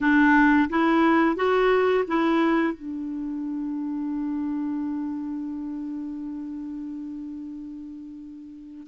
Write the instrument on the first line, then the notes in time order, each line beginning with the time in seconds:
clarinet
0.01 D4
0.69 E4
1.36 F#4
2.07 E4
2.73 D4